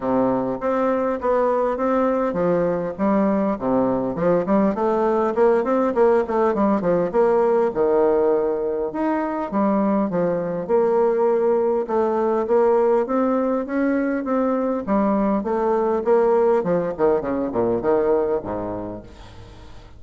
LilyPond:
\new Staff \with { instrumentName = "bassoon" } { \time 4/4 \tempo 4 = 101 c4 c'4 b4 c'4 | f4 g4 c4 f8 g8 | a4 ais8 c'8 ais8 a8 g8 f8 | ais4 dis2 dis'4 |
g4 f4 ais2 | a4 ais4 c'4 cis'4 | c'4 g4 a4 ais4 | f8 dis8 cis8 ais,8 dis4 gis,4 | }